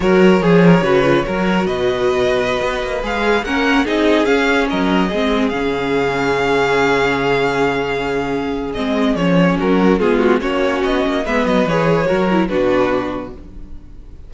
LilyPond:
<<
  \new Staff \with { instrumentName = "violin" } { \time 4/4 \tempo 4 = 144 cis''1 | dis''2.~ dis''16 f''8.~ | f''16 fis''4 dis''4 f''4 dis''8.~ | dis''4~ dis''16 f''2~ f''8.~ |
f''1~ | f''4 dis''4 cis''4 ais'4 | gis'8 fis'8 cis''4 dis''4 e''8 dis''8 | cis''2 b'2 | }
  \new Staff \with { instrumentName = "violin" } { \time 4/4 ais'4 gis'8 ais'8 b'4 ais'4 | b'1~ | b'16 ais'4 gis'2 ais'8.~ | ais'16 gis'2.~ gis'8.~ |
gis'1~ | gis'2. fis'4 | f'4 fis'2 b'4~ | b'4 ais'4 fis'2 | }
  \new Staff \with { instrumentName = "viola" } { \time 4/4 fis'4 gis'4 fis'8 f'8 fis'4~ | fis'2.~ fis'16 gis'8.~ | gis'16 cis'4 dis'4 cis'4.~ cis'16~ | cis'16 c'4 cis'2~ cis'8.~ |
cis'1~ | cis'4 c'4 cis'2 | b4 cis'2 b4 | gis'4 fis'8 e'8 d'2 | }
  \new Staff \with { instrumentName = "cello" } { \time 4/4 fis4 f4 cis4 fis4 | b,2~ b,16 b8 ais8 gis8.~ | gis16 ais4 c'4 cis'4 fis8.~ | fis16 gis4 cis2~ cis8.~ |
cis1~ | cis4 gis4 f4 fis4 | gis4 ais4 b8 ais8 gis8 fis8 | e4 fis4 b,2 | }
>>